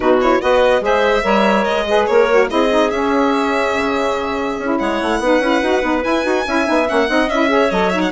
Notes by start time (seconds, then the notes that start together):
0.00 B2 D#4 F#4 B4
0.21 E4 C#5
0.41 B3 F#4 B4 D#5
0.80 G#3 G#4 C5 E5
1.23 G3 A#4 C#5
1.64 G#3 D#5
1.87 G#4 B4
2.06 A#3 A#4 C#5
2.31 F#4
2.48 C4 E4 G#4 D#5
2.69 D#4
2.90 C#4 E5
3.76 C#3
4.58 C#4 E4
4.78 G#3 C#5 F#5
5.02 A3
5.19 B3 D#4 B4
5.39 C#4 E4
5.62 D#4 F#4
5.82 B3 D#4
6.02 E4 G#5
6.23 D#4 F#4
6.46 C#4 E4 E5
6.65 B3 D#4
6.87 A#3 C#4 F#5
7.09 C4 D#4 D#5
7.28 C#4 E4 E5
7.48 G#4 C#5
7.70 F#3 A4 D#5
7.90 D#4 E5
8.01 F#5